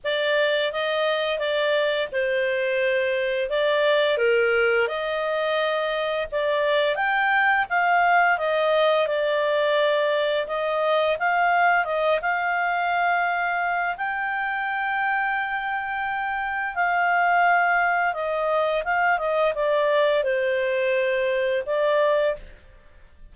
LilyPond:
\new Staff \with { instrumentName = "clarinet" } { \time 4/4 \tempo 4 = 86 d''4 dis''4 d''4 c''4~ | c''4 d''4 ais'4 dis''4~ | dis''4 d''4 g''4 f''4 | dis''4 d''2 dis''4 |
f''4 dis''8 f''2~ f''8 | g''1 | f''2 dis''4 f''8 dis''8 | d''4 c''2 d''4 | }